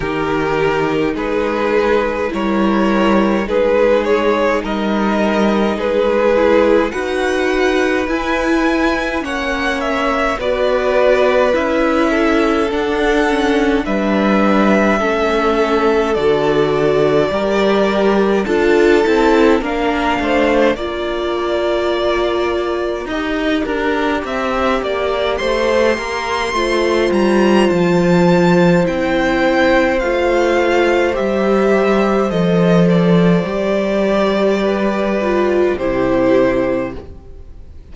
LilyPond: <<
  \new Staff \with { instrumentName = "violin" } { \time 4/4 \tempo 4 = 52 ais'4 b'4 cis''4 b'8 cis''8 | dis''4 b'4 fis''4 gis''4 | fis''8 e''8 d''4 e''4 fis''4 | e''2 d''2 |
a''4 f''4 ais''2~ | ais''2 c'''4. ais''8 | a''4 g''4 f''4 e''4 | dis''8 d''2~ d''8 c''4 | }
  \new Staff \with { instrumentName = "violin" } { \time 4/4 g'4 gis'4 ais'4 gis'4 | ais'4 gis'4 b'2 | cis''4 b'4. a'4. | b'4 a'2 ais'4 |
a'4 ais'8 c''8 d''2 | dis''8 ais'8 e''8 d''8 c''8 ais'8 c''4~ | c''1~ | c''2 b'4 g'4 | }
  \new Staff \with { instrumentName = "viola" } { \time 4/4 dis'2 e'4 dis'4~ | dis'4. e'8 fis'4 e'4 | cis'4 fis'4 e'4 d'8 cis'8 | d'4 cis'4 fis'4 g'4 |
f'8 e'8 d'4 f'2 | g'2. f'4~ | f'4 e'4 f'4 g'4 | a'4 g'4. f'8 e'4 | }
  \new Staff \with { instrumentName = "cello" } { \time 4/4 dis4 gis4 g4 gis4 | g4 gis4 dis'4 e'4 | ais4 b4 cis'4 d'4 | g4 a4 d4 g4 |
d'8 c'8 ais8 a8 ais2 | dis'8 d'8 c'8 ais8 a8 ais8 a8 g8 | f4 c'4 a4 g4 | f4 g2 c4 | }
>>